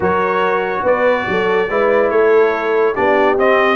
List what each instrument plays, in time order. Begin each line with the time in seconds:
0.00 tuba F#3, trombone F#4, horn A#4, trumpet C#5
0.82 tuba B3, horn B4, trumpet D5
1.28 tuba F#3, horn A4
1.69 tuba G#3, trombone E4, horn B4
2.10 tuba A3, horn A4, trumpet C#5
2.94 tuba B3, trombone D4, horn G4, trumpet D5
3.37 tuba C4, trombone C4, trumpet D#5